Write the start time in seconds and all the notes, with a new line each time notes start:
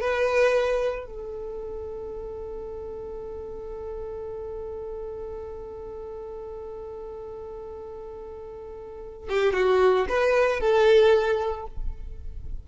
0.00 B4
1.06 A4
9.28 G4
9.53 F#4
10.08 B4
10.60 A4